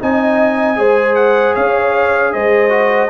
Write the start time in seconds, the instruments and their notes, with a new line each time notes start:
0.00 tuba C4, trombone D#4, horn D#5, trumpet G#5
0.76 tuba G#3, trombone G#4, horn C5
1.15 trumpet F#5
1.54 tuba C#4, horn C#5, trumpet F5
2.33 tuba G#3, horn C5, trumpet D#5
2.70 trombone F#4